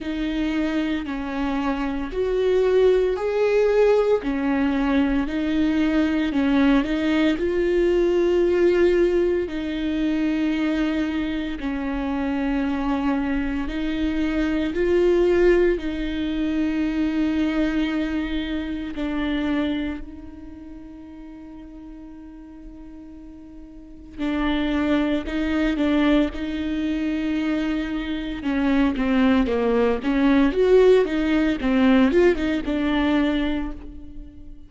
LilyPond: \new Staff \with { instrumentName = "viola" } { \time 4/4 \tempo 4 = 57 dis'4 cis'4 fis'4 gis'4 | cis'4 dis'4 cis'8 dis'8 f'4~ | f'4 dis'2 cis'4~ | cis'4 dis'4 f'4 dis'4~ |
dis'2 d'4 dis'4~ | dis'2. d'4 | dis'8 d'8 dis'2 cis'8 c'8 | ais8 cis'8 fis'8 dis'8 c'8 f'16 dis'16 d'4 | }